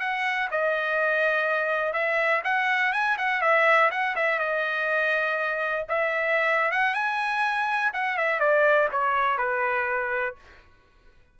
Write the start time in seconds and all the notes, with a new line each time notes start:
0.00 F#5
0.51 D#5
1.93 E5
2.44 F#5
2.93 G#5
3.18 F#5
3.41 E5
3.91 F#5
4.16 E5
4.39 D#5
5.89 E5
6.72 F#5
6.94 G#5
7.94 F#5
8.18 E5
8.40 D5
8.92 C#5
9.38 B4